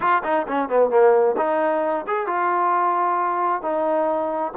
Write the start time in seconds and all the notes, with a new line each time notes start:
0.00 F4
0.23 D#4
0.48 C#4
0.68 B3
0.90 A#3
1.37 D#4
2.07 G#4
2.26 F4
3.62 D#4